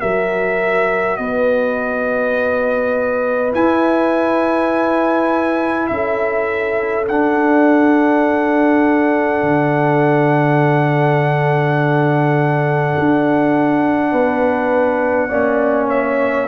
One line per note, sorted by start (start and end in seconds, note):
0.00 1.18 F#3
0.00 3.51 F#4
0.00 1.18 A#4
0.00 1.16 E5
1.16 3.53 B3
1.16 5.89 B4
1.16 3.52 D#5
3.51 7.04 E4
3.51 5.90 E4
3.51 5.87 G#5
5.87 7.08 C#4
5.87 14.11 A4
5.87 7.05 E5
7.08 9.42 D4
7.08 15.30 D4
7.08 15.89 F#5
9.42 12.95 D3
12.99 14.12 D4
14.11 15.30 B3
14.11 15.28 B4
15.28 16.48 A#3
15.28 16.47 C#4
15.28 15.87 D5
15.88 16.47 C#5
15.88 16.48 E5